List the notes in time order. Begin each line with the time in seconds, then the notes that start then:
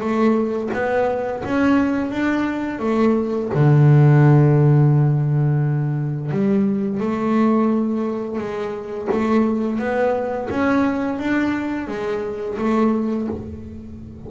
0.00 A3
0.74 B3
1.45 C#4
2.11 D4
2.79 A3
3.54 D3
6.31 G3
7.00 A3
8.38 G#3
9.12 A3
9.79 B3
10.50 C#4
11.19 D4
11.88 G#3
12.58 A3